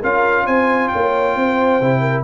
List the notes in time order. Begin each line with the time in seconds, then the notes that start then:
0.00 C#4 F4 A#4 F5
0.47 C4 C5 G#5
0.89 C#5 G5
0.95 A#3
1.36 C4 C5
1.81 C3 E4
2.01 A#4